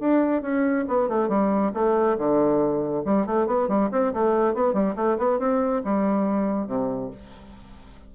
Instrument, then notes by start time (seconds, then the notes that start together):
bassoon
0.00 D4
0.42 C#4
0.88 B3
1.09 A3
1.29 G3
1.74 A3
2.18 D3
3.05 G3
3.27 A3
3.47 B3
3.69 G3
3.92 C4
4.14 A3
4.54 B3
4.74 G3
4.96 A3
5.18 B3
5.39 C4
5.85 G3
6.67 C3